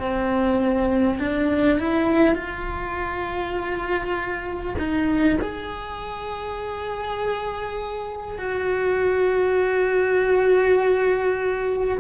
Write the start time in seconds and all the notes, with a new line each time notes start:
0.00 C4
1.19 D4
1.79 E4
2.35 F4
4.79 D#4
5.42 G#4
8.39 F#4